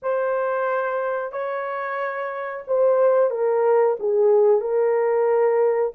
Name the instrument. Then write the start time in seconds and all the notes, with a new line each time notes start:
horn
0.02 C5
1.32 C#5
2.67 C5
3.30 A#4
3.99 G#4
4.60 A#4